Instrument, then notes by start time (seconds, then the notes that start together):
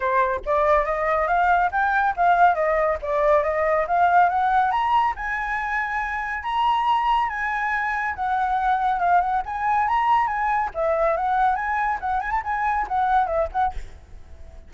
flute
0.00 C5
0.45 D5
0.85 D#5
1.27 F5
1.71 G5
2.16 F5
2.54 D#5
3.01 D5
3.43 D#5
3.87 F5
4.29 F#5
4.71 A#5
5.15 G#5
6.43 A#5
7.29 G#5
8.15 F#5
8.99 F5
9.20 F#5
9.45 G#5
9.88 A#5
10.27 G#5
10.74 E5
11.16 F#5
11.55 G#5
12.00 F#5
12.20 G#5
12.31 A5
12.44 G#5
12.88 F#5
13.26 E5
13.52 F#5